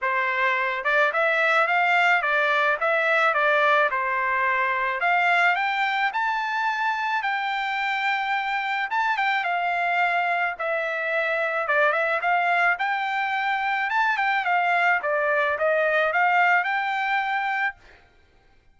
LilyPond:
\new Staff \with { instrumentName = "trumpet" } { \time 4/4 \tempo 4 = 108 c''4. d''8 e''4 f''4 | d''4 e''4 d''4 c''4~ | c''4 f''4 g''4 a''4~ | a''4 g''2. |
a''8 g''8 f''2 e''4~ | e''4 d''8 e''8 f''4 g''4~ | g''4 a''8 g''8 f''4 d''4 | dis''4 f''4 g''2 | }